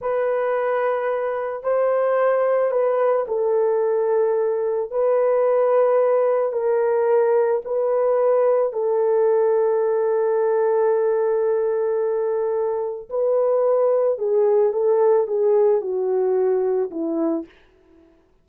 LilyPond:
\new Staff \with { instrumentName = "horn" } { \time 4/4 \tempo 4 = 110 b'2. c''4~ | c''4 b'4 a'2~ | a'4 b'2. | ais'2 b'2 |
a'1~ | a'1 | b'2 gis'4 a'4 | gis'4 fis'2 e'4 | }